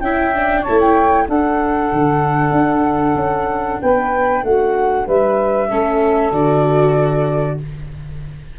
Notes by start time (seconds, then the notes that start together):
0.00 C#4 E4 E5 G5
0.35 D4
0.60 C#5 A5
0.68 A3 E4
0.80 G5
1.28 D4 A4 F#5
1.92 D3
2.51 D4
3.15 C#4
3.81 B3 B4 G5
4.43 A3 F#4 F#5
5.06 G3 B4 E5
5.68 A3 C#4 A4
6.32 D3 F#4 D5